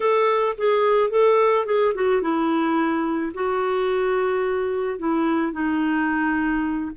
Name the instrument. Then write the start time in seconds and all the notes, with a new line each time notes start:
clarinet
0.00 A4
0.57 G#4
1.10 A4
1.65 G#4
1.94 F#4
2.21 E4
3.34 F#4
4.98 E4
5.52 D#4